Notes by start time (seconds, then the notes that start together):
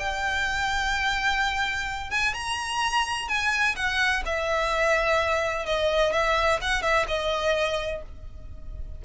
0.00 G5
2.11 G#5
2.35 A#5
3.29 G#5
3.76 F#5
4.26 E5
5.66 D#5
6.13 E5
6.62 F#5
6.82 E5
7.08 D#5